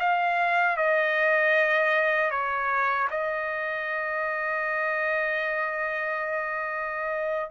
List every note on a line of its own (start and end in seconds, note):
0.00 0.77 F5
0.77 2.31 D#5
2.31 3.08 C#5
3.11 7.51 D#5